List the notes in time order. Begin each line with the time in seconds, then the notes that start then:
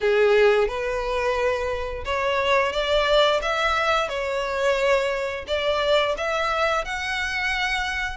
0.01 G#4
0.68 B4
2.05 C#5
2.72 D5
3.42 E5
4.08 C#5
5.47 D5
6.17 E5
6.84 F#5